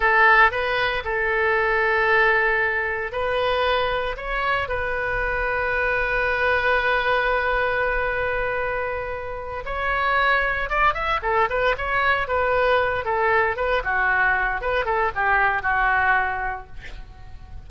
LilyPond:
\new Staff \with { instrumentName = "oboe" } { \time 4/4 \tempo 4 = 115 a'4 b'4 a'2~ | a'2 b'2 | cis''4 b'2.~ | b'1~ |
b'2~ b'8 cis''4.~ | cis''8 d''8 e''8 a'8 b'8 cis''4 b'8~ | b'4 a'4 b'8 fis'4. | b'8 a'8 g'4 fis'2 | }